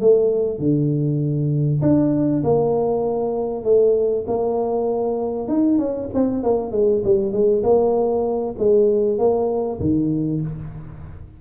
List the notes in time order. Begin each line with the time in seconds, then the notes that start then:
0.00 A3
0.58 D3
1.81 D4
2.43 A#3
3.64 A3
4.27 A#3
5.47 D#4
5.78 C#4
6.13 C4
6.43 A#3
6.71 G#3
7.04 G3
7.32 G#3
7.63 A#3
8.58 G#3
9.18 A#3
9.80 D#3